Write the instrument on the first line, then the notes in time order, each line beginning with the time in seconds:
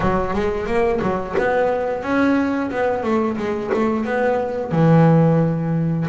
double bass
0.00 F#3
0.34 G#3
0.66 A#3
1.01 F#3
1.38 B3
2.03 C#4
2.70 B3
3.03 A3
3.37 G#3
3.73 A3
4.04 B3
4.71 E3